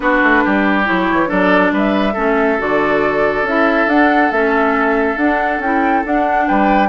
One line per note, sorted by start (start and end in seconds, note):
0.00 0.21 B3
0.00 0.85 D4
0.00 0.44 F#4
0.00 0.84 B4
0.23 0.44 A3
0.44 0.89 G3
0.44 1.29 G4
0.85 1.11 F#3
0.85 1.26 E4
0.85 1.29 C#5
1.12 1.30 E3
1.26 1.72 F#3
1.26 2.13 D4
1.26 1.72 A4
1.26 1.73 D5
1.72 2.15 G3
1.72 2.13 B4
1.72 2.61 E5
2.13 2.59 A3
2.13 2.58 C#4
2.13 6.44 A4
2.58 3.42 D3
2.58 3.44 F#4
2.58 3.47 D5
3.42 3.85 C#4
3.42 3.89 E4
3.42 3.89 E5
3.86 4.29 D4
3.86 4.32 D4
3.86 4.31 F#5
4.31 5.16 A3
4.31 5.18 C#4
4.31 5.17 E5
5.16 5.59 D4
5.16 5.61 D4
5.16 5.60 F#5
5.59 6.02 C#4
5.59 6.04 E4
5.59 6.04 G5
6.04 6.88 D4
6.04 6.48 D4
6.04 6.47 F#5
6.47 6.88 G3
6.47 6.88 B4
6.47 6.88 G5